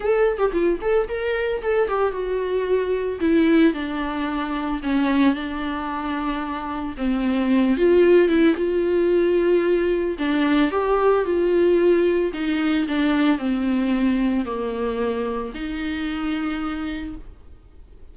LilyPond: \new Staff \with { instrumentName = "viola" } { \time 4/4 \tempo 4 = 112 a'8. g'16 f'8 a'8 ais'4 a'8 g'8 | fis'2 e'4 d'4~ | d'4 cis'4 d'2~ | d'4 c'4. f'4 e'8 |
f'2. d'4 | g'4 f'2 dis'4 | d'4 c'2 ais4~ | ais4 dis'2. | }